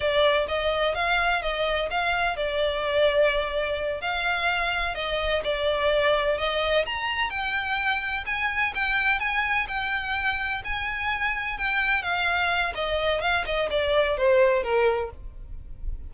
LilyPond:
\new Staff \with { instrumentName = "violin" } { \time 4/4 \tempo 4 = 127 d''4 dis''4 f''4 dis''4 | f''4 d''2.~ | d''8 f''2 dis''4 d''8~ | d''4. dis''4 ais''4 g''8~ |
g''4. gis''4 g''4 gis''8~ | gis''8 g''2 gis''4.~ | gis''8 g''4 f''4. dis''4 | f''8 dis''8 d''4 c''4 ais'4 | }